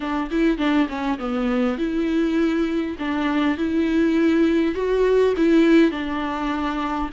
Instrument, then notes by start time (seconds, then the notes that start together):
viola
0.00 D4
0.31 E4
0.58 D4
0.88 C#4
1.19 B3
1.78 E4
2.98 D4
3.57 E4
4.74 F#4
5.36 E4
5.91 D4